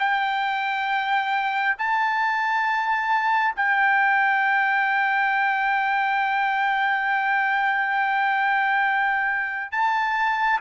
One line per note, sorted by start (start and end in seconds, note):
0.00 1.76 G5
1.79 3.55 A5
3.56 9.72 G5
9.72 10.60 A5